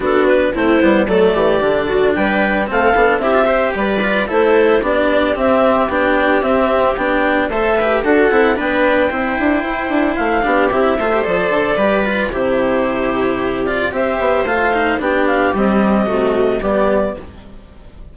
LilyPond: <<
  \new Staff \with { instrumentName = "clarinet" } { \time 4/4 \tempo 4 = 112 a'8 b'8 c''4 d''2 | g''4 f''4 e''4 d''4 | c''4 d''4 e''4 g''4 | e''4 g''4 e''4 fis''4 |
g''2. f''4 | e''4 d''2 c''4~ | c''4. d''8 e''4 f''4 | g''8 f''8 dis''2 d''4 | }
  \new Staff \with { instrumentName = "viola" } { \time 4/4 fis'4 e'4 a'8 g'4 fis'8 | b'4 a'4 g'8 c''8 b'4 | a'4 g'2.~ | g'2 c''8 b'8 a'4 |
b'4 c''2~ c''8 g'8~ | g'8 c''4. b'4 g'4~ | g'2 c''2 | g'2 fis'4 g'4 | }
  \new Staff \with { instrumentName = "cello" } { \time 4/4 d'4 c'8 b8 a4 d'4~ | d'4 c'8 d'8 e'16 f'16 g'4 f'8 | e'4 d'4 c'4 d'4 | c'4 d'4 a'8 g'8 fis'8 e'8 |
d'4 e'2~ e'8 d'8 | e'8 f'16 g'16 a'4 g'8 f'8 e'4~ | e'4. f'8 g'4 f'8 dis'8 | d'4 g4 a4 b4 | }
  \new Staff \with { instrumentName = "bassoon" } { \time 4/4 b4 a8 g8 fis8 e8 d4 | g4 a8 b8 c'4 g4 | a4 b4 c'4 b4 | c'4 b4 a4 d'8 c'8 |
b4 c'8 d'8 e'8 d'8 a8 b8 | c'8 a8 f8 d8 g4 c4~ | c2 c'8 b8 a4 | b4 c'4 c4 g4 | }
>>